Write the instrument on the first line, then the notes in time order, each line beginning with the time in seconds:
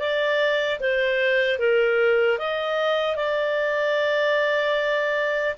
clarinet
0.00 D5
0.81 C5
1.59 A#4
2.39 D#5
3.16 D5